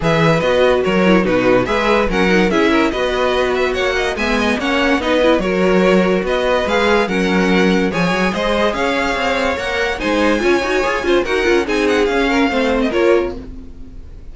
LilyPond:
<<
  \new Staff \with { instrumentName = "violin" } { \time 4/4 \tempo 4 = 144 e''4 dis''4 cis''4 b'4 | e''4 fis''4 e''4 dis''4~ | dis''8 e''8 fis''4 gis''4 fis''4 | dis''4 cis''2 dis''4 |
f''4 fis''2 gis''4 | dis''4 f''2 fis''4 | gis''2. fis''4 | gis''8 fis''8 f''4.~ f''16 dis''16 cis''4 | }
  \new Staff \with { instrumentName = "violin" } { \time 4/4 b'2 ais'4 fis'4 | b'4 ais'4 gis'8 ais'8 b'4~ | b'4 cis''8 dis''8 e''8 dis''8 cis''4 | b'4 ais'2 b'4~ |
b'4 ais'2 cis''4 | c''4 cis''2. | c''4 cis''4. c''8 ais'4 | gis'4. ais'8 c''4 ais'4 | }
  \new Staff \with { instrumentName = "viola" } { \time 4/4 gis'4 fis'4. e'8 dis'4 | gis'4 cis'8 dis'8 e'4 fis'4~ | fis'2 b4 cis'4 | dis'8 e'8 fis'2. |
gis'4 cis'2 gis'4~ | gis'2. ais'4 | dis'4 f'8 fis'8 gis'8 f'8 fis'8 f'8 | dis'4 cis'4 c'4 f'4 | }
  \new Staff \with { instrumentName = "cello" } { \time 4/4 e4 b4 fis4 b,4 | gis4 fis4 cis'4 b4~ | b4 ais4 gis4 ais4 | b4 fis2 b4 |
gis4 fis2 f8 fis8 | gis4 cis'4 c'4 ais4 | gis4 cis'8 dis'8 f'8 cis'8 dis'8 cis'8 | c'4 cis'4 a4 ais4 | }
>>